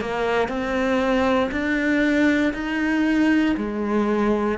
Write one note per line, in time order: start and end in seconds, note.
0.00 0.48 A#3
0.48 1.50 C4
1.51 2.53 D4
2.53 3.55 D#4
3.56 4.58 G#3